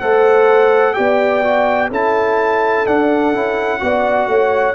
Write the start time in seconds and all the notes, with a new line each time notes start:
0.00 A3 A4 C5 F#5
0.94 B3 G4 D5 G5
1.43 F#4
1.90 C#4 E4 A4 A5
2.86 D4 F#5
3.34 C#4 E4
3.80 B3 F#4 D5
4.27 A3 C#5